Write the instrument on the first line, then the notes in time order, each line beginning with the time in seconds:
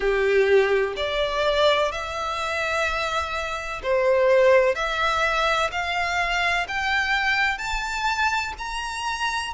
violin
0.00 G4
0.96 D5
1.91 E5
3.82 C5
4.75 E5
5.71 F5
6.68 G5
7.58 A5
8.58 A#5